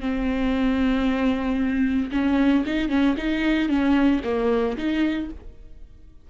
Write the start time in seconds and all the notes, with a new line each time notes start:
0.00 C4
2.11 C#4
2.66 D#4
2.89 C#4
3.17 D#4
3.68 C#4
4.24 A#3
4.77 D#4